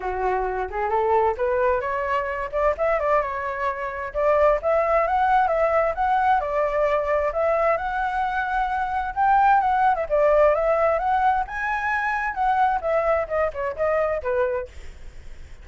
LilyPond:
\new Staff \with { instrumentName = "flute" } { \time 4/4 \tempo 4 = 131 fis'4. gis'8 a'4 b'4 | cis''4. d''8 e''8 d''8 cis''4~ | cis''4 d''4 e''4 fis''4 | e''4 fis''4 d''2 |
e''4 fis''2. | g''4 fis''8. e''16 d''4 e''4 | fis''4 gis''2 fis''4 | e''4 dis''8 cis''8 dis''4 b'4 | }